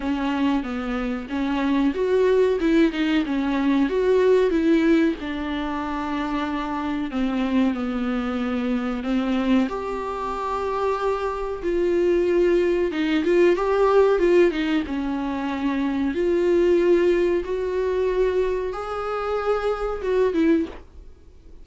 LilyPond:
\new Staff \with { instrumentName = "viola" } { \time 4/4 \tempo 4 = 93 cis'4 b4 cis'4 fis'4 | e'8 dis'8 cis'4 fis'4 e'4 | d'2. c'4 | b2 c'4 g'4~ |
g'2 f'2 | dis'8 f'8 g'4 f'8 dis'8 cis'4~ | cis'4 f'2 fis'4~ | fis'4 gis'2 fis'8 e'8 | }